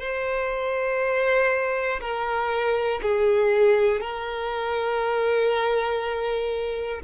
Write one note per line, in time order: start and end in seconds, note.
0.00 2.00 C5
2.00 3.00 A#4
3.02 4.01 G#4
4.01 7.01 A#4